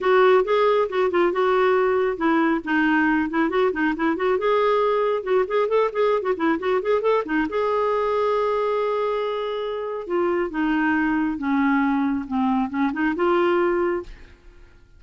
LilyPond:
\new Staff \with { instrumentName = "clarinet" } { \time 4/4 \tempo 4 = 137 fis'4 gis'4 fis'8 f'8 fis'4~ | fis'4 e'4 dis'4. e'8 | fis'8 dis'8 e'8 fis'8 gis'2 | fis'8 gis'8 a'8 gis'8. fis'16 e'8 fis'8 gis'8 |
a'8 dis'8 gis'2.~ | gis'2. f'4 | dis'2 cis'2 | c'4 cis'8 dis'8 f'2 | }